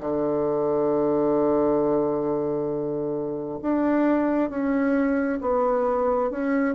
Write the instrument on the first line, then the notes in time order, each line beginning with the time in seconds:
bassoon
0.00 D3
3.62 D4
4.49 C#4
5.41 B3
6.30 C#4